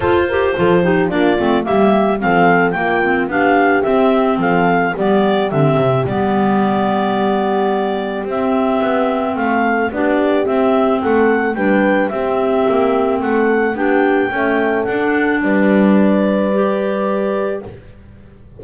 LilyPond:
<<
  \new Staff \with { instrumentName = "clarinet" } { \time 4/4 \tempo 4 = 109 c''2 d''4 e''4 | f''4 g''4 f''4 e''4 | f''4 d''4 e''4 d''4~ | d''2. e''4~ |
e''4 f''4 d''4 e''4 | fis''4 g''4 e''2 | fis''4 g''2 fis''4 | d''1 | }
  \new Staff \with { instrumentName = "horn" } { \time 4/4 a'8 ais'8 a'8 g'8 f'4 g'4 | a'4 f'4 g'2 | a'4 g'2.~ | g'1~ |
g'4 a'4 g'2 | a'4 b'4 g'2 | a'4 g'4 a'2 | b'1 | }
  \new Staff \with { instrumentName = "clarinet" } { \time 4/4 f'8 g'8 f'8 dis'8 d'8 c'8 ais4 | c'4 ais8 c'8 d'4 c'4~ | c'4 b4 c'4 b4~ | b2. c'4~ |
c'2 d'4 c'4~ | c'4 d'4 c'2~ | c'4 d'4 a4 d'4~ | d'2 g'2 | }
  \new Staff \with { instrumentName = "double bass" } { \time 4/4 f'4 f4 ais8 a8 g4 | f4 ais4 b4 c'4 | f4 g4 d8 c8 g4~ | g2. c'4 |
b4 a4 b4 c'4 | a4 g4 c'4 ais4 | a4 b4 cis'4 d'4 | g1 | }
>>